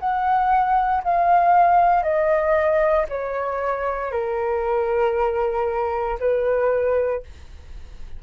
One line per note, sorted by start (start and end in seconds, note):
0.00 1.03 F#5
1.04 2.03 F5
2.03 3.07 D#5
3.09 4.12 C#5
4.12 6.19 A#4
6.20 7.23 B4